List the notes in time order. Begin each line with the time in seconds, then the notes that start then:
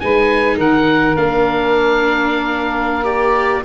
0.00 G#3 D#4 B4 G#5
0.57 D#3 A#4 F#5
1.16 A#3 D4 F5
3.04 G4 D5